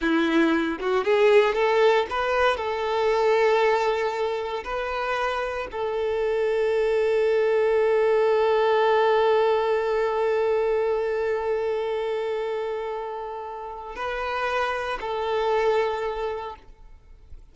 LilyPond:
\new Staff \with { instrumentName = "violin" } { \time 4/4 \tempo 4 = 116 e'4. fis'8 gis'4 a'4 | b'4 a'2.~ | a'4 b'2 a'4~ | a'1~ |
a'1~ | a'1~ | a'2. b'4~ | b'4 a'2. | }